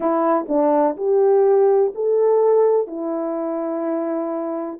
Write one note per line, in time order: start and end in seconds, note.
0.00 0.46 E4
0.48 0.96 D4
0.96 1.92 G4
1.94 2.87 A4
2.87 4.79 E4